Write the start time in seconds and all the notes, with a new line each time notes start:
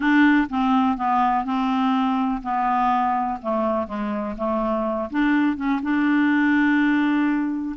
0.00 D4
0.49 C4
0.97 B3
1.45 C4
2.42 B3
3.41 A3
3.87 G#3
4.37 A3
5.10 D4
5.56 C#4
5.82 D4